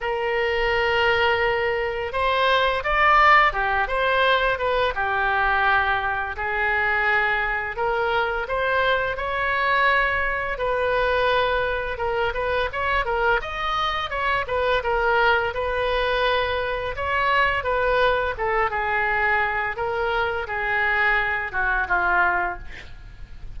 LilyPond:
\new Staff \with { instrumentName = "oboe" } { \time 4/4 \tempo 4 = 85 ais'2. c''4 | d''4 g'8 c''4 b'8 g'4~ | g'4 gis'2 ais'4 | c''4 cis''2 b'4~ |
b'4 ais'8 b'8 cis''8 ais'8 dis''4 | cis''8 b'8 ais'4 b'2 | cis''4 b'4 a'8 gis'4. | ais'4 gis'4. fis'8 f'4 | }